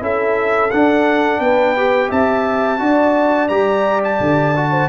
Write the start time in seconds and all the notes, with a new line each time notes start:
0.00 C#4 E4 A4 E5
0.71 D4 F#5
1.40 B3 B4 G5
1.77 G4
2.09 C4 E5 A5
2.79 D4 F#4 D5
3.48 G3 G4 A#5
4.04 A5
4.20 D3
4.56 F#4
4.71 C5